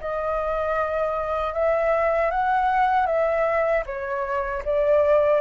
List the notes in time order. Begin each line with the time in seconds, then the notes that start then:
0.00 D#5
1.53 E5
2.30 F#5
3.06 E5
3.86 C#5
4.65 D5